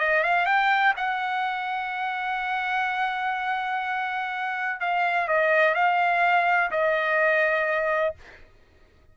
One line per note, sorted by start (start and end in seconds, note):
0.00 0.24 D#5
0.24 0.46 F5
0.46 0.94 G5
0.97 4.81 F#5
4.81 5.28 F5
5.28 5.75 D#5
5.75 6.71 F5
6.71 8.15 D#5